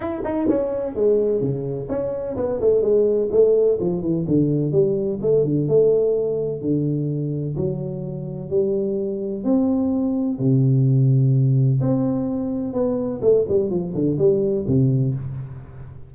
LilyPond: \new Staff \with { instrumentName = "tuba" } { \time 4/4 \tempo 4 = 127 e'8 dis'8 cis'4 gis4 cis4 | cis'4 b8 a8 gis4 a4 | f8 e8 d4 g4 a8 d8 | a2 d2 |
fis2 g2 | c'2 c2~ | c4 c'2 b4 | a8 g8 f8 d8 g4 c4 | }